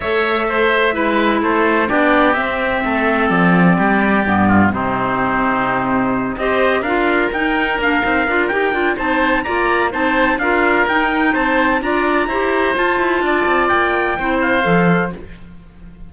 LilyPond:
<<
  \new Staff \with { instrumentName = "trumpet" } { \time 4/4 \tempo 4 = 127 e''2. c''4 | d''4 e''2 d''4~ | d''2 c''2~ | c''4. dis''4 f''4 g''8~ |
g''8 f''4. g''4 a''4 | ais''4 a''4 f''4 g''4 | a''4 ais''2 a''4~ | a''4 g''4. f''4. | }
  \new Staff \with { instrumentName = "oboe" } { \time 4/4 cis''4 c''4 b'4 a'4 | g'2 a'2 | g'4. f'8 dis'2~ | dis'4. c''4 ais'4.~ |
ais'2. c''4 | d''4 c''4 ais'2 | c''4 d''4 c''2 | d''2 c''2 | }
  \new Staff \with { instrumentName = "clarinet" } { \time 4/4 a'2 e'2 | d'4 c'2.~ | c'4 b4 c'2~ | c'4. g'4 f'4 dis'8~ |
dis'8 d'8 dis'8 f'8 g'8 f'8 dis'4 | f'4 dis'4 f'4 dis'4~ | dis'4 f'4 g'4 f'4~ | f'2 e'4 a'4 | }
  \new Staff \with { instrumentName = "cello" } { \time 4/4 a2 gis4 a4 | b4 c'4 a4 f4 | g4 g,4 c2~ | c4. c'4 d'4 dis'8~ |
dis'8 ais8 c'8 d'8 dis'8 d'8 c'4 | ais4 c'4 d'4 dis'4 | c'4 d'4 e'4 f'8 e'8 | d'8 c'8 ais4 c'4 f4 | }
>>